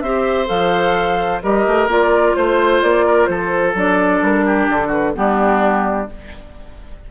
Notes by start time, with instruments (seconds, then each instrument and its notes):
0.00 bassoon C4, clarinet G4, oboe C5, flute E5
0.46 bassoon F3, clarinet A4, flute F5
1.43 bassoon G3, clarinet G4, oboe A#4, flute D#5
1.66 bassoon A3
1.87 bassoon A#3, clarinet F4, flute D5
2.35 bassoon A3, flute C5, oboe C5
2.82 bassoon A#3, flute D5
3.06 oboe A#4
3.26 bassoon F3, oboe A4, flute C5
3.74 bassoon F#3, clarinet D4, flute D5
4.22 bassoon G3, flute A#4
4.45 oboe G4
4.69 bassoon D3, flute A4
4.87 oboe F#4, flute B4
5.13 bassoon G3, clarinet B3, oboe D4, flute G4